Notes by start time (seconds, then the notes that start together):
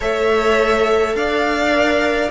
0.00 A3 A4 C#5 E5
1.15 D4 D5 F5
1.71 A#4